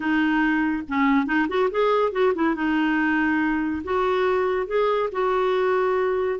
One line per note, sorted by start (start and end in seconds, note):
0.00 0.83 D#4
0.88 1.26 C#4
1.26 1.47 D#4
1.48 1.69 F#4
1.70 2.11 G#4
2.11 2.33 F#4
2.34 2.55 E4
2.55 3.82 D#4
3.84 4.67 F#4
4.67 5.09 G#4
5.12 6.39 F#4